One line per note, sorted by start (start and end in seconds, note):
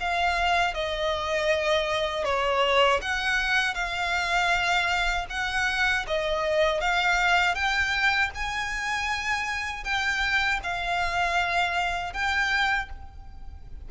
0.00 0.74 F5
0.74 2.24 D#5
2.24 3.00 C#5
3.01 3.74 F#5
3.74 5.26 F5
5.30 6.06 F#5
6.07 6.81 D#5
6.81 7.55 F5
7.55 8.31 G5
8.35 9.84 G#5
9.84 10.60 G5
10.63 12.13 F5
12.13 12.89 G5